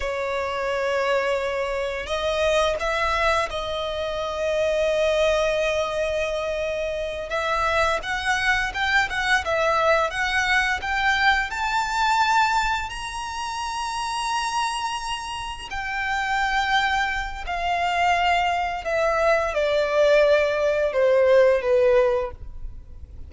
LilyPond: \new Staff \with { instrumentName = "violin" } { \time 4/4 \tempo 4 = 86 cis''2. dis''4 | e''4 dis''2.~ | dis''2~ dis''8 e''4 fis''8~ | fis''8 g''8 fis''8 e''4 fis''4 g''8~ |
g''8 a''2 ais''4.~ | ais''2~ ais''8 g''4.~ | g''4 f''2 e''4 | d''2 c''4 b'4 | }